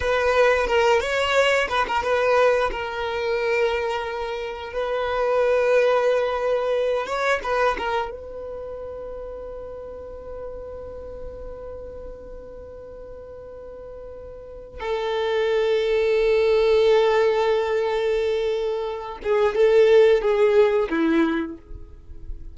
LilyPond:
\new Staff \with { instrumentName = "violin" } { \time 4/4 \tempo 4 = 89 b'4 ais'8 cis''4 b'16 ais'16 b'4 | ais'2. b'4~ | b'2~ b'8 cis''8 b'8 ais'8 | b'1~ |
b'1~ | b'2 a'2~ | a'1~ | a'8 gis'8 a'4 gis'4 e'4 | }